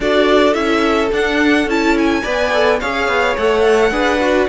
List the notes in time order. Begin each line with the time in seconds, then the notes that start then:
0.00 D4 F#4 A4 D5
0.53 C#4 E4 E5
1.12 D4 F#5
1.66 C#4 E4 A5
1.97 G#5
2.22 B3 B4 D5
2.52 A4
2.79 C#4 G#4 C#5 F5
3.07 B3
3.37 A3 A4 F#5
3.91 D4 G#4 B4
4.20 F#4